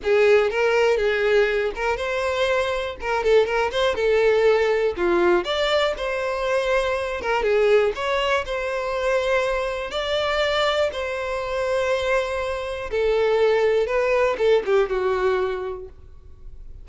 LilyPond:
\new Staff \with { instrumentName = "violin" } { \time 4/4 \tempo 4 = 121 gis'4 ais'4 gis'4. ais'8 | c''2 ais'8 a'8 ais'8 c''8 | a'2 f'4 d''4 | c''2~ c''8 ais'8 gis'4 |
cis''4 c''2. | d''2 c''2~ | c''2 a'2 | b'4 a'8 g'8 fis'2 | }